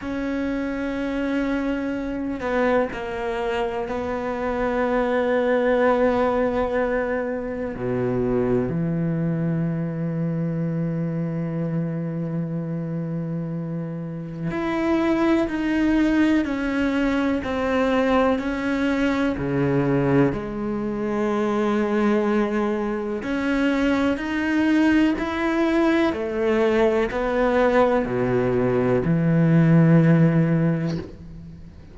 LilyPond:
\new Staff \with { instrumentName = "cello" } { \time 4/4 \tempo 4 = 62 cis'2~ cis'8 b8 ais4 | b1 | b,4 e2.~ | e2. e'4 |
dis'4 cis'4 c'4 cis'4 | cis4 gis2. | cis'4 dis'4 e'4 a4 | b4 b,4 e2 | }